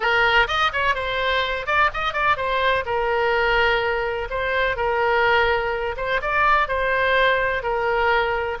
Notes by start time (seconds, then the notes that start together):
0.00 A#4
0.47 D#5
0.72 C#5
0.95 C5
1.66 D5
1.93 D#5
2.13 D5
2.36 C5
2.85 A#4
4.29 C5
4.76 A#4
5.97 C5
6.21 D5
6.68 C5
7.62 A#4